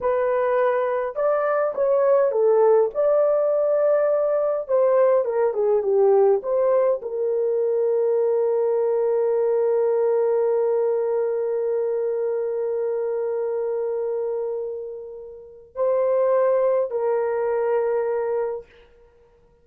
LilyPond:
\new Staff \with { instrumentName = "horn" } { \time 4/4 \tempo 4 = 103 b'2 d''4 cis''4 | a'4 d''2. | c''4 ais'8 gis'8 g'4 c''4 | ais'1~ |
ais'1~ | ais'1~ | ais'2. c''4~ | c''4 ais'2. | }